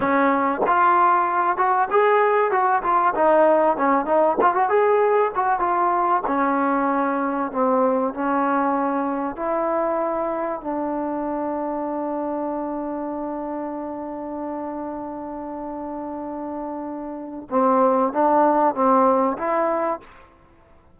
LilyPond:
\new Staff \with { instrumentName = "trombone" } { \time 4/4 \tempo 4 = 96 cis'4 f'4. fis'8 gis'4 | fis'8 f'8 dis'4 cis'8 dis'8 f'16 fis'16 gis'8~ | gis'8 fis'8 f'4 cis'2 | c'4 cis'2 e'4~ |
e'4 d'2.~ | d'1~ | d'1 | c'4 d'4 c'4 e'4 | }